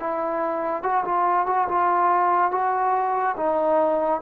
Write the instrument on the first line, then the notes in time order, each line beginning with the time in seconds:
trombone
0.00 E4
0.83 F#4
1.05 F4
1.47 F#4
1.69 F4
2.51 F#4
3.37 D#4